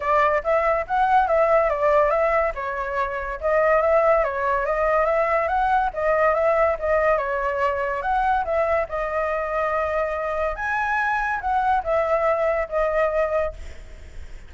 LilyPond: \new Staff \with { instrumentName = "flute" } { \time 4/4 \tempo 4 = 142 d''4 e''4 fis''4 e''4 | d''4 e''4 cis''2 | dis''4 e''4 cis''4 dis''4 | e''4 fis''4 dis''4 e''4 |
dis''4 cis''2 fis''4 | e''4 dis''2.~ | dis''4 gis''2 fis''4 | e''2 dis''2 | }